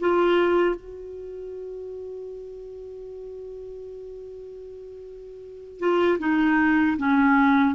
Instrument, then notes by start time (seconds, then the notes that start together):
clarinet
0.00 F4
0.75 F#4
5.79 F4
6.19 D#4
6.98 C#4